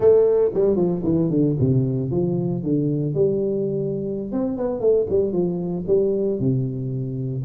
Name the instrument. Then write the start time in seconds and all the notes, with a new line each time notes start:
tuba
0.00 A3
0.54 G3
0.76 F3
1.03 E3
1.30 D3
1.59 C3
2.10 F3
2.63 D3
3.14 G3
4.32 C4
4.57 B3
4.80 A3
5.09 G3
5.32 F3
5.87 G3
6.39 C3